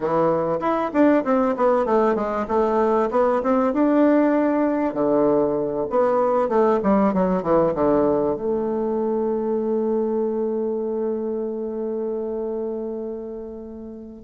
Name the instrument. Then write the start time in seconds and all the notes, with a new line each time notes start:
bassoon
0.00 E3
0.60 E4
0.93 D4
1.24 C4
1.57 B3
1.85 A3
2.15 G#3
2.47 A3
3.11 B3
3.42 C4
3.73 D4
4.94 D3
5.90 B3
6.48 A3
6.83 G3
7.13 F#3
7.42 E3
7.74 D3
8.36 A3